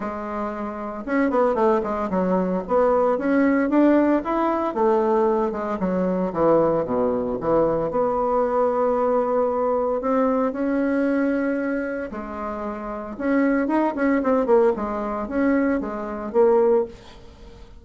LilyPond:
\new Staff \with { instrumentName = "bassoon" } { \time 4/4 \tempo 4 = 114 gis2 cis'8 b8 a8 gis8 | fis4 b4 cis'4 d'4 | e'4 a4. gis8 fis4 | e4 b,4 e4 b4~ |
b2. c'4 | cis'2. gis4~ | gis4 cis'4 dis'8 cis'8 c'8 ais8 | gis4 cis'4 gis4 ais4 | }